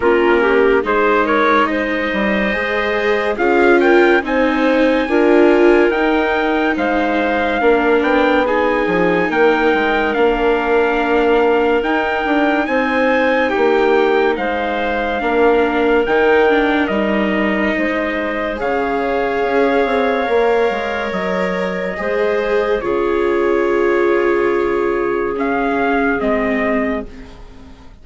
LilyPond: <<
  \new Staff \with { instrumentName = "trumpet" } { \time 4/4 \tempo 4 = 71 ais'4 c''8 cis''8 dis''2 | f''8 g''8 gis''2 g''4 | f''4. g''8 gis''4 g''4 | f''2 g''4 gis''4 |
g''4 f''2 g''4 | dis''2 f''2~ | f''4 dis''2 cis''4~ | cis''2 f''4 dis''4 | }
  \new Staff \with { instrumentName = "clarinet" } { \time 4/4 f'8 g'8 gis'8 ais'8 c''2 | gis'8 ais'8 c''4 ais'2 | c''4 ais'4 gis'4 ais'4~ | ais'2. c''4 |
g'4 c''4 ais'2~ | ais'4 c''4 cis''2~ | cis''2 c''4 gis'4~ | gis'1 | }
  \new Staff \with { instrumentName = "viola" } { \time 4/4 cis'4 dis'2 gis'4 | f'4 dis'4 f'4 dis'4~ | dis'4 d'4 dis'2 | d'2 dis'2~ |
dis'2 d'4 dis'8 d'8 | dis'2 gis'2 | ais'2 gis'4 f'4~ | f'2 cis'4 c'4 | }
  \new Staff \with { instrumentName = "bassoon" } { \time 4/4 ais4 gis4. g8 gis4 | cis'4 c'4 d'4 dis'4 | gis4 ais8 b4 f8 ais8 gis8 | ais2 dis'8 d'8 c'4 |
ais4 gis4 ais4 dis4 | g4 gis4 cis4 cis'8 c'8 | ais8 gis8 fis4 gis4 cis4~ | cis2. gis4 | }
>>